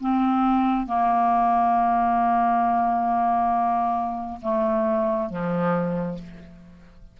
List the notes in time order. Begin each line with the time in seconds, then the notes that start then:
0.00 C4
0.87 A#3
4.42 A3
5.30 F3